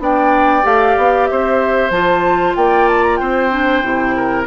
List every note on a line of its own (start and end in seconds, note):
0.00 0.64 B3
0.00 0.63 D4
0.00 1.31 D5
0.00 0.66 G5
0.63 0.97 A3
0.63 1.91 G4
0.63 1.27 F5
0.98 1.30 B3
1.27 1.91 C4
1.27 2.57 C5
1.27 1.91 E5
1.91 2.55 F3
1.91 3.51 F4
1.91 2.55 A5
2.56 3.20 A#3
2.56 3.20 D5
2.56 2.88 G5
2.88 3.04 A5
3.04 3.17 A#5
3.17 3.83 C4
3.17 4.16 C5
3.17 4.44 G5
3.51 3.83 D4
3.83 4.47 C3
3.83 4.47 E4
4.16 4.47 A#4